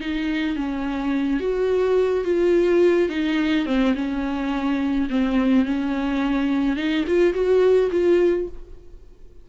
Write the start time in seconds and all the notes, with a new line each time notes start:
0.00 D#4
0.56 C#4
1.40 F#4
2.24 F4
3.09 D#4
3.66 C4
3.95 C#4
5.09 C4
5.65 C#4
6.76 D#4
7.07 F4
7.33 F#4
7.91 F4